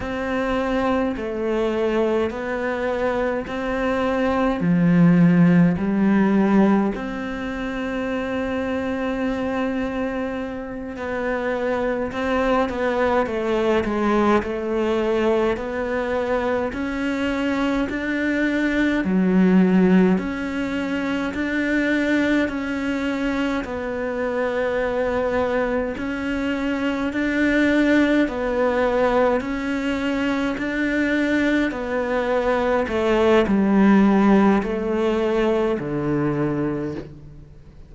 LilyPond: \new Staff \with { instrumentName = "cello" } { \time 4/4 \tempo 4 = 52 c'4 a4 b4 c'4 | f4 g4 c'2~ | c'4. b4 c'8 b8 a8 | gis8 a4 b4 cis'4 d'8~ |
d'8 fis4 cis'4 d'4 cis'8~ | cis'8 b2 cis'4 d'8~ | d'8 b4 cis'4 d'4 b8~ | b8 a8 g4 a4 d4 | }